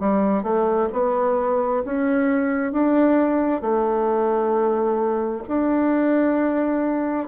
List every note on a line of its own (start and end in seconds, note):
0.00 0.43 G3
0.43 0.88 A3
0.93 1.83 B3
1.85 2.72 C#4
2.72 3.61 D4
3.61 5.43 A3
5.48 7.28 D4